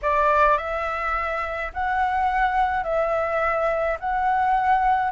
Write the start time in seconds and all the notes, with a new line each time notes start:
0.02 D5
0.57 E5
1.73 F#5
2.83 E5
3.99 F#5